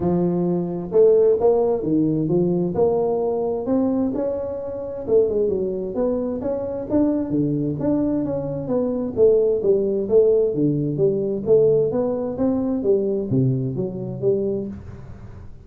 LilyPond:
\new Staff \with { instrumentName = "tuba" } { \time 4/4 \tempo 4 = 131 f2 a4 ais4 | dis4 f4 ais2 | c'4 cis'2 a8 gis8 | fis4 b4 cis'4 d'4 |
d4 d'4 cis'4 b4 | a4 g4 a4 d4 | g4 a4 b4 c'4 | g4 c4 fis4 g4 | }